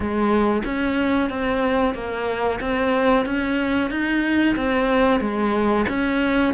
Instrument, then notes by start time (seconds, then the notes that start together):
cello
0.00 G#3
0.64 C#4
1.29 C4
1.94 A#3
2.60 C4
3.25 C#4
3.90 D#4
4.55 C4
5.20 G#3
5.88 C#4